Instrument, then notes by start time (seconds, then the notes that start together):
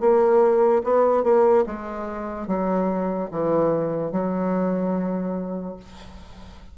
bassoon
0.00 A#3
0.84 B3
1.23 A#3
1.66 G#3
2.47 F#3
3.31 E3
4.12 F#3